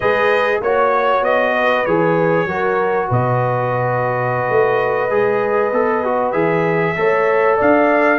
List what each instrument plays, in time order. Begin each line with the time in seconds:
0.00 tuba G#3, trombone G#4, horn B4, trumpet D#5
0.60 tuba A#3, trombone F#4, trumpet C#5, horn C#5
1.22 tuba B3, trumpet D#5
1.53 horn B4
1.85 tuba E3, trombone G#4, trumpet C#5
2.45 tuba F#3, trombone F#4, horn A#4
3.08 tuba B2, horn B4, trumpet D#5
4.49 tuba A3
5.10 tuba G#3, trombone G#4
5.72 tuba B3, trombone A4
6.04 trombone F#4
6.31 tuba E3, trombone G#4, trumpet E5
6.96 tuba A3, trombone A4, horn C#5
7.57 tuba D4, horn D5, trumpet F5